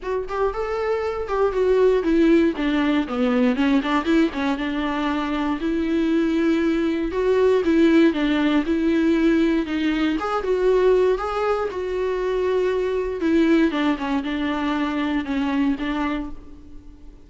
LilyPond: \new Staff \with { instrumentName = "viola" } { \time 4/4 \tempo 4 = 118 fis'8 g'8 a'4. g'8 fis'4 | e'4 d'4 b4 cis'8 d'8 | e'8 cis'8 d'2 e'4~ | e'2 fis'4 e'4 |
d'4 e'2 dis'4 | gis'8 fis'4. gis'4 fis'4~ | fis'2 e'4 d'8 cis'8 | d'2 cis'4 d'4 | }